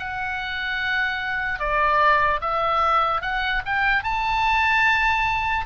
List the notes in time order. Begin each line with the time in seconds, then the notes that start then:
0.00 F#5
1.60 D5
2.41 E5
3.22 F#5
3.66 G5
4.04 A5